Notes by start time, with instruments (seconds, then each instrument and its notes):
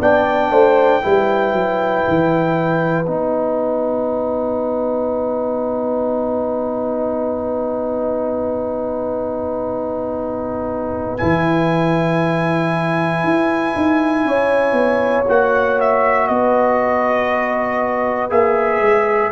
0.00 tuba B3, trombone D4, horn D5, trumpet G5
0.51 tuba A3, horn C5
1.01 tuba G3, trombone E4, horn B4
1.53 tuba F#3
2.07 tuba E3
3.06 tuba B3, trombone D#4, trumpet F#5
11.17 tuba E3, trombone E4, trumpet G#5
13.23 tuba E4
13.75 tuba D#4
14.25 tuba C#4, horn C#5
14.72 tuba B3
15.27 tuba A#3, trombone F#4, trumpet F#5
15.80 trumpet E5
16.27 tuba B3, horn B4, trumpet D#5
18.29 tuba A#3, trombone G#4, trumpet E5
18.80 tuba G#3